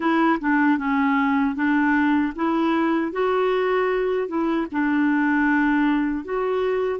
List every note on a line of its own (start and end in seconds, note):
0.00 0.39 E4
0.40 0.78 D4
0.78 1.55 C#4
1.55 2.33 D4
2.35 3.12 E4
3.12 4.28 F#4
4.28 4.66 E4
4.71 6.24 D4
6.24 7.00 F#4